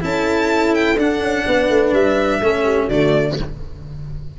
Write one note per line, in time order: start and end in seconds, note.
0.00 0.96 C#4
0.00 0.95 E4
0.00 1.45 A4
0.00 0.74 A5
0.74 0.98 G5
0.96 1.20 D4
0.96 2.42 D4
0.96 1.93 F#5
1.20 1.44 C#4
1.45 1.69 B3
1.45 2.41 B4
1.69 1.92 A3
1.92 2.40 G3
1.92 2.88 E5
2.41 2.88 A3
2.41 2.90 C#4
2.41 2.63 A4
2.63 2.85 G4
2.85 3.36 D3
2.85 3.32 F#4
2.85 3.36 D5
2.91 3.39 A3